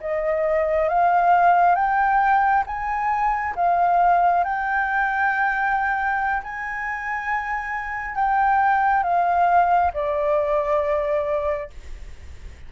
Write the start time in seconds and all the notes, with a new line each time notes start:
0.00 D#5
0.88 F5
1.75 G5
2.66 G#5
3.55 F5
4.44 G5
6.43 G#5
8.15 G5
9.03 F5
9.93 D5